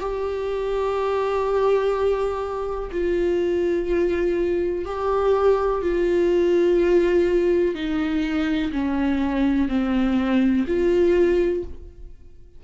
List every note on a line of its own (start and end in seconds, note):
0.00 2.90 G4
2.92 4.85 F4
4.85 5.82 G4
5.82 7.75 F4
7.75 8.71 D#4
8.72 9.68 C#4
9.68 10.65 C4
10.67 11.63 F4